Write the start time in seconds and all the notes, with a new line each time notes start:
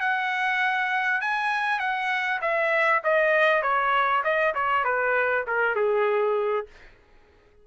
0.00 F#5
1.21 G#5
1.79 F#5
2.41 E5
3.04 D#5
3.62 C#5
4.23 D#5
4.55 C#5
4.84 B4
5.47 A#4
5.75 G#4